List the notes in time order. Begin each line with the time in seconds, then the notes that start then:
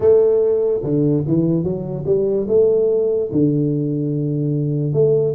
0.00 A3
0.83 D3
1.27 E3
1.63 F#3
2.05 G3
2.48 A3
3.31 D3
4.93 A3